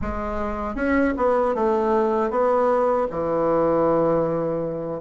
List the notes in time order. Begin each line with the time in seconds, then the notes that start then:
0.01 G#3
0.75 C#4
1.16 B3
1.54 A3
2.30 B3
3.10 E3